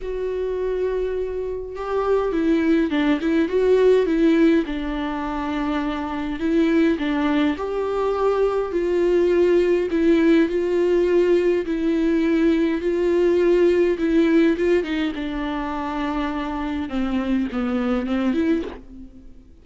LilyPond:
\new Staff \with { instrumentName = "viola" } { \time 4/4 \tempo 4 = 103 fis'2. g'4 | e'4 d'8 e'8 fis'4 e'4 | d'2. e'4 | d'4 g'2 f'4~ |
f'4 e'4 f'2 | e'2 f'2 | e'4 f'8 dis'8 d'2~ | d'4 c'4 b4 c'8 e'8 | }